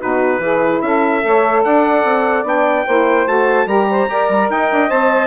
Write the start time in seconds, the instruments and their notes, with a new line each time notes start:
0.00 bassoon B2, saxophone D#4 F#4, trumpet B4
0.39 bassoon E3, saxophone E4 G#4
0.82 bassoon C#4, saxophone A4, trumpet E5
1.22 bassoon A3, saxophone A4 C#5
1.64 bassoon D4, saxophone D5, trumpet F#5
2.04 bassoon C4
2.44 bassoon B3, saxophone D4, trumpet G5
2.85 bassoon A#3, saxophone E4 C5
3.26 bassoon A3, saxophone F#4, trumpet A5
3.66 bassoon G3, saxophone G4 A#4, trumpet A#5
3.90 saxophone C5
4.09 bassoon G4, saxophone A#4 D5
4.29 bassoon G3
4.50 bassoon D#4, saxophone D#5, trumpet G5
4.72 bassoon D4
4.88 bassoon C4, saxophone C5, trumpet A5